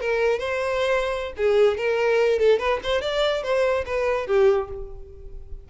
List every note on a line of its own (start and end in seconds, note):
0.00 0.39 A#4
0.39 1.33 C5
1.37 1.77 G#4
1.77 2.39 A#4
2.39 2.59 A4
2.59 2.80 B4
2.83 3.01 C5
3.01 3.43 D5
3.43 3.84 C5
3.86 4.27 B4
4.27 4.68 G4